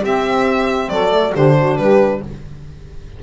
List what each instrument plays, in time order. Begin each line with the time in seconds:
0.00 saxophone C4 G4, double bass C4, violin E5
0.88 double bass F#3, saxophone A4, violin D5
1.08 saxophone A3
1.32 double bass D3, saxophone D4 G4, violin C5
1.57 saxophone F#4
1.76 double bass G3, saxophone G4, violin B4